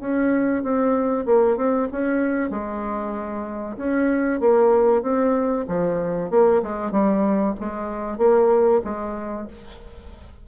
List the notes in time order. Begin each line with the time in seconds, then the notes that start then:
0.00 C#4
0.63 C4
1.25 A#3
1.56 C4
1.92 C#4
2.50 G#3
3.77 C#4
4.40 A#3
5.02 C4
5.68 F3
6.30 A#3
6.63 G#3
6.92 G3
7.60 G#3
8.18 A#3
8.84 G#3